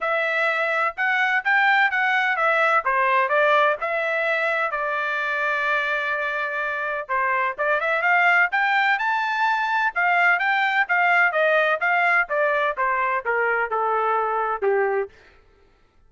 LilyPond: \new Staff \with { instrumentName = "trumpet" } { \time 4/4 \tempo 4 = 127 e''2 fis''4 g''4 | fis''4 e''4 c''4 d''4 | e''2 d''2~ | d''2. c''4 |
d''8 e''8 f''4 g''4 a''4~ | a''4 f''4 g''4 f''4 | dis''4 f''4 d''4 c''4 | ais'4 a'2 g'4 | }